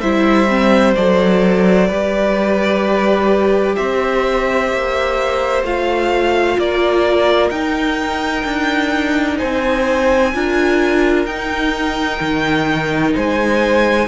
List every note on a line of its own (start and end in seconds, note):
0.00 0.96 G3
0.00 0.48 E4
0.00 1.88 C5
0.00 0.94 E5
0.48 0.95 C4
0.95 1.89 F#3
0.95 1.90 A4
0.95 3.75 D5
1.88 3.76 G3
1.88 5.65 G4
1.88 3.75 B4
3.75 4.73 C4
3.75 6.58 C5
3.75 5.63 E5
4.73 5.63 A#3
5.63 6.57 A3
5.63 7.52 F4
5.63 6.59 F5
6.58 7.51 A#3
6.58 9.38 A#4
6.58 7.50 D5
7.50 8.44 D#4
7.50 10.33 D#4
7.50 9.37 G5
8.45 9.38 D4
9.38 10.34 C4
9.38 10.31 C5
9.38 11.26 G#5
10.34 11.25 D4
10.34 11.27 F4
10.34 13.15 A#4
11.25 12.19 D#4
11.25 14.08 D#4
11.25 13.13 G5
12.20 13.14 D#3
13.15 14.08 G#3
13.15 14.08 C5
13.15 14.08 G#5